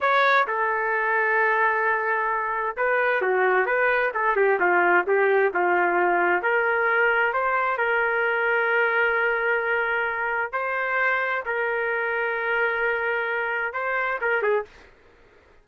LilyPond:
\new Staff \with { instrumentName = "trumpet" } { \time 4/4 \tempo 4 = 131 cis''4 a'2.~ | a'2 b'4 fis'4 | b'4 a'8 g'8 f'4 g'4 | f'2 ais'2 |
c''4 ais'2.~ | ais'2. c''4~ | c''4 ais'2.~ | ais'2 c''4 ais'8 gis'8 | }